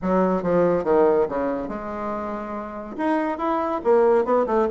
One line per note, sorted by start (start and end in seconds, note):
0.02 0.42 F#3
0.42 0.84 F3
0.84 1.26 D#3
1.28 1.68 C#3
1.68 2.96 G#3
2.97 3.38 D#4
3.38 3.80 E4
3.84 4.24 A#3
4.24 4.46 B3
4.46 4.68 A3